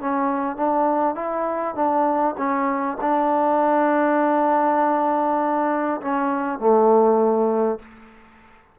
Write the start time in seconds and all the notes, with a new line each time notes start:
0.00 C#4
0.56 D4
1.15 E4
1.75 D4
2.37 C#4
3.01 D4
6.01 C#4
6.59 A3